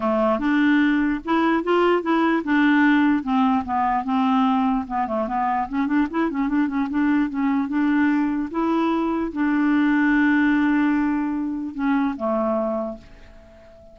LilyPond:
\new Staff \with { instrumentName = "clarinet" } { \time 4/4 \tempo 4 = 148 a4 d'2 e'4 | f'4 e'4 d'2 | c'4 b4 c'2 | b8 a8 b4 cis'8 d'8 e'8 cis'8 |
d'8 cis'8 d'4 cis'4 d'4~ | d'4 e'2 d'4~ | d'1~ | d'4 cis'4 a2 | }